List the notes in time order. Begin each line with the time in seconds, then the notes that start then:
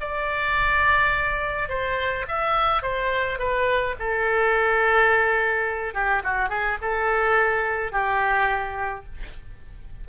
0.00 D5
1.69 C5
2.28 E5
2.82 C5
3.38 B4
3.99 A4
5.94 G4
6.23 F#4
6.49 G#4
6.81 A4
7.91 G4